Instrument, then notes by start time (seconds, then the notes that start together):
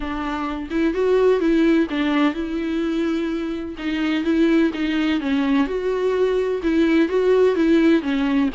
viola
0.00 D4
0.70 E4
0.94 F#4
1.40 E4
1.90 D4
2.34 E4
3.78 D#4
4.24 E4
4.73 D#4
5.20 C#4
5.66 F#4
6.62 E4
7.08 F#4
7.55 E4
8.02 C#4